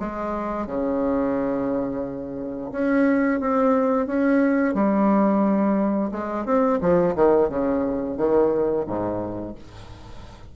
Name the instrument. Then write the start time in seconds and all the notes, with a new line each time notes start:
bassoon
0.00 G#3
0.67 C#3
2.72 C#4
3.40 C4
4.07 C#4
4.74 G3
6.12 G#3
6.46 C4
6.81 F3
7.16 D#3
7.49 C#3
8.18 D#3
8.87 G#2